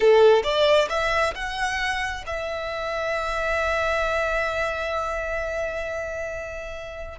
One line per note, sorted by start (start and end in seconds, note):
0.00 0.43 A4
0.43 0.88 D5
0.89 1.34 E5
1.34 2.24 F#5
2.26 7.18 E5